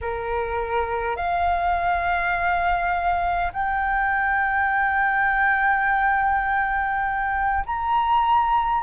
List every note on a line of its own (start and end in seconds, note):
0.01 1.16 A#4
1.16 3.51 F5
3.52 7.64 G5
7.65 8.83 A#5